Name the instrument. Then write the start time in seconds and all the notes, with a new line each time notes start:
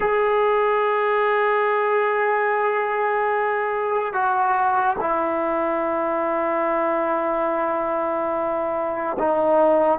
trombone
0.00 G#4
4.13 F#4
5.00 E4
9.19 D#4